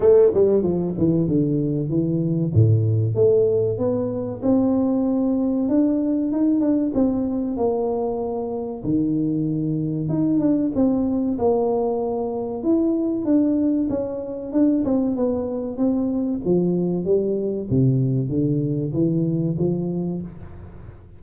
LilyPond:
\new Staff \with { instrumentName = "tuba" } { \time 4/4 \tempo 4 = 95 a8 g8 f8 e8 d4 e4 | a,4 a4 b4 c'4~ | c'4 d'4 dis'8 d'8 c'4 | ais2 dis2 |
dis'8 d'8 c'4 ais2 | e'4 d'4 cis'4 d'8 c'8 | b4 c'4 f4 g4 | c4 d4 e4 f4 | }